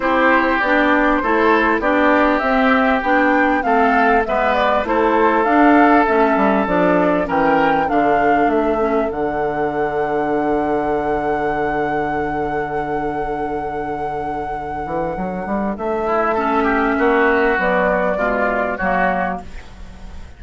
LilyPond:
<<
  \new Staff \with { instrumentName = "flute" } { \time 4/4 \tempo 4 = 99 c''4 d''4 c''4 d''4 | e''4 g''4 f''4 e''8 d''8 | c''4 f''4 e''4 d''4 | g''4 f''4 e''4 fis''4~ |
fis''1~ | fis''1~ | fis''2 e''2~ | e''4 d''2 cis''4 | }
  \new Staff \with { instrumentName = "oboe" } { \time 4/4 g'2 a'4 g'4~ | g'2 a'4 b'4 | a'1 | ais'4 a'2.~ |
a'1~ | a'1~ | a'2~ a'8 e'8 a'8 g'8 | fis'2 f'4 fis'4 | }
  \new Staff \with { instrumentName = "clarinet" } { \time 4/4 e'4 d'4 e'4 d'4 | c'4 d'4 c'4 b4 | e'4 d'4 cis'4 d'4 | cis'4 d'4. cis'8 d'4~ |
d'1~ | d'1~ | d'2. cis'4~ | cis'4 fis4 gis4 ais4 | }
  \new Staff \with { instrumentName = "bassoon" } { \time 4/4 c'4 b4 a4 b4 | c'4 b4 a4 gis4 | a4 d'4 a8 g8 f4 | e4 d4 a4 d4~ |
d1~ | d1~ | d8 e8 fis8 g8 a2 | ais4 b4 b,4 fis4 | }
>>